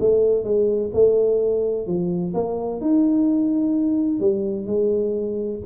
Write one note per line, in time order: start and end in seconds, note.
0.00 0.44 A3
0.44 0.91 G#3
0.94 1.87 A3
1.87 2.34 F3
2.34 2.81 A#3
2.81 4.20 D#4
4.20 4.66 G3
4.66 5.60 G#3